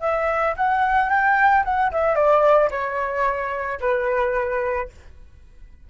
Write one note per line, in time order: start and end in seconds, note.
0.00 0.54 E5
0.56 1.09 F#5
1.09 1.63 G5
1.64 1.91 F#5
1.91 2.15 E5
2.15 2.69 D5
2.71 3.79 C#5
3.80 4.88 B4